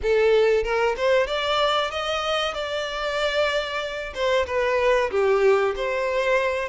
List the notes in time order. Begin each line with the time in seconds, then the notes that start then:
0.02 A4
0.63 A#4
0.96 C5
1.26 D5
1.90 D#5
2.54 D5
4.14 C5
4.46 B4
5.11 G4
5.76 C5